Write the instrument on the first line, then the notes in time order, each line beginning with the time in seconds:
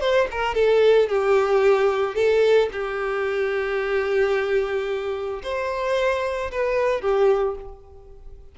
violin
0.00 C5
0.31 A#4
0.54 A4
1.08 G4
2.14 A4
2.72 G4
5.43 C5
6.51 B4
7.01 G4